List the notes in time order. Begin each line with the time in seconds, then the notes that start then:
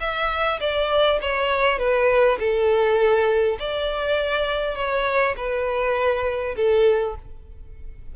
0.00 E5
0.60 D5
1.22 C#5
1.78 B4
2.39 A4
3.59 D5
4.75 C#5
5.36 B4
6.56 A4